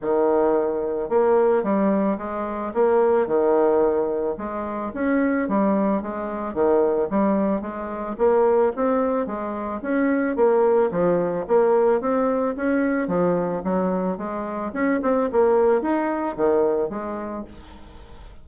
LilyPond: \new Staff \with { instrumentName = "bassoon" } { \time 4/4 \tempo 4 = 110 dis2 ais4 g4 | gis4 ais4 dis2 | gis4 cis'4 g4 gis4 | dis4 g4 gis4 ais4 |
c'4 gis4 cis'4 ais4 | f4 ais4 c'4 cis'4 | f4 fis4 gis4 cis'8 c'8 | ais4 dis'4 dis4 gis4 | }